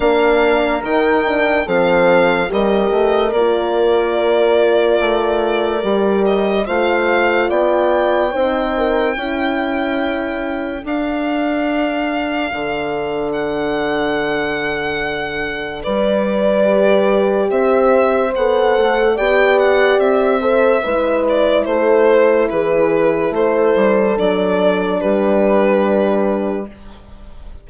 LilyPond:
<<
  \new Staff \with { instrumentName = "violin" } { \time 4/4 \tempo 4 = 72 f''4 g''4 f''4 dis''4 | d''2.~ d''8 dis''8 | f''4 g''2.~ | g''4 f''2. |
fis''2. d''4~ | d''4 e''4 fis''4 g''8 fis''8 | e''4. d''8 c''4 b'4 | c''4 d''4 b'2 | }
  \new Staff \with { instrumentName = "horn" } { \time 4/4 ais'2 a'4 ais'4~ | ais'1 | c''4 d''4 c''8 ais'8 a'4~ | a'1~ |
a'2. b'4~ | b'4 c''2 d''4~ | d''8 c''8 b'4 a'4 gis'4 | a'2 g'2 | }
  \new Staff \with { instrumentName = "horn" } { \time 4/4 d'4 dis'8 d'8 c'4 g'4 | f'2. g'4 | f'2 dis'4 e'4~ | e'4 d'2.~ |
d'1 | g'2 a'4 g'4~ | g'8 a'8 e'2.~ | e'4 d'2. | }
  \new Staff \with { instrumentName = "bassoon" } { \time 4/4 ais4 dis4 f4 g8 a8 | ais2 a4 g4 | a4 b4 c'4 cis'4~ | cis'4 d'2 d4~ |
d2. g4~ | g4 c'4 b8 a8 b4 | c'4 gis4 a4 e4 | a8 g8 fis4 g2 | }
>>